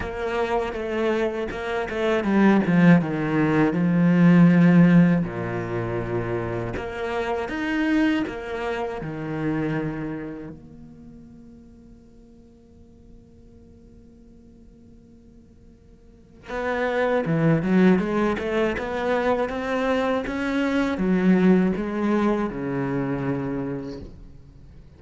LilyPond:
\new Staff \with { instrumentName = "cello" } { \time 4/4 \tempo 4 = 80 ais4 a4 ais8 a8 g8 f8 | dis4 f2 ais,4~ | ais,4 ais4 dis'4 ais4 | dis2 ais2~ |
ais1~ | ais2 b4 e8 fis8 | gis8 a8 b4 c'4 cis'4 | fis4 gis4 cis2 | }